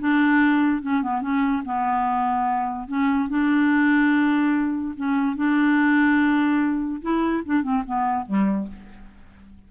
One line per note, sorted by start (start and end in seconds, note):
0.00 0.83 D4
0.83 1.03 C#4
1.03 1.22 B3
1.22 1.63 C#4
1.65 2.88 B3
2.88 3.29 C#4
3.29 4.95 D4
4.97 5.36 C#4
5.36 7.02 D4
7.02 7.43 E4
7.45 7.63 D4
7.63 7.83 C4
7.86 8.26 B3
8.26 8.67 G3